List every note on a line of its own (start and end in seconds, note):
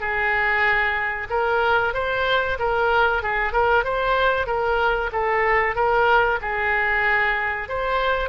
0.00 1.28 G#4
1.30 1.94 A#4
1.94 2.58 C5
2.59 3.23 A#4
3.23 3.53 G#4
3.53 3.84 A#4
3.84 4.47 C5
4.47 5.10 A#4
5.12 5.76 A4
5.76 6.39 A#4
6.41 7.69 G#4
7.69 8.29 C5